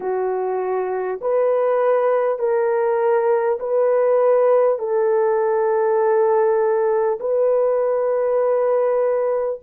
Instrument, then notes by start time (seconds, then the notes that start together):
horn
0.00 F#4
1.21 B4
2.38 A#4
3.59 B4
4.78 A4
7.20 B4